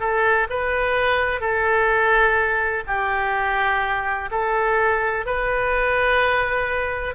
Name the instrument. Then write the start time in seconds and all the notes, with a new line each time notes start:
oboe
0.00 A4
0.50 B4
1.41 A4
2.87 G4
4.31 A4
5.26 B4